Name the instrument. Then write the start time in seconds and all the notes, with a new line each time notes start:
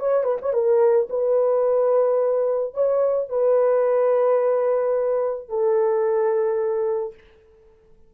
horn
0.00 C#5
0.24 B4
0.42 C#5
0.53 A#4
1.10 B4
2.74 C#5
3.30 B4
5.49 A4